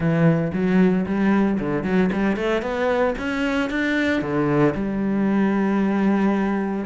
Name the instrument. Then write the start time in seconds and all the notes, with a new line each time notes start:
cello
0.00 E3
0.53 F#3
1.06 G3
1.59 D3
1.83 F#3
2.12 G3
2.36 A3
2.61 B3
3.18 C#4
3.70 D4
4.21 D3
4.74 G3